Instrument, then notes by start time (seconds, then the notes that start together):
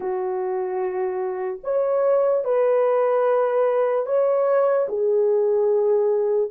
horn
0.00 F#4
1.63 C#5
2.44 B4
4.05 C#5
4.88 G#4